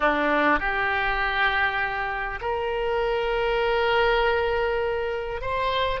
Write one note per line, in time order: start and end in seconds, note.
0.00 0.59 D4
0.59 2.39 G4
2.41 5.41 A#4
5.41 6.00 C5